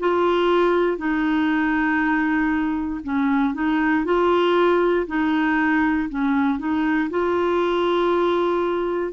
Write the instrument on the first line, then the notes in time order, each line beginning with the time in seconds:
clarinet
0.00 F4
0.98 D#4
3.04 C#4
3.55 D#4
4.05 F4
5.08 D#4
6.10 C#4
6.59 D#4
7.10 F4